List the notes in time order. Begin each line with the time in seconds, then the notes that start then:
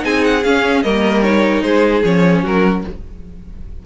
0.00 C4 D#4 G#4 G#5
0.25 F#5
0.44 C#4 F5
0.83 G3 A#3 A#4 D#5
1.23 D#4 C#5
1.62 G#3 G#4 C5
2.04 F3 C#4 C#5
2.42 F#3 F#4 A#4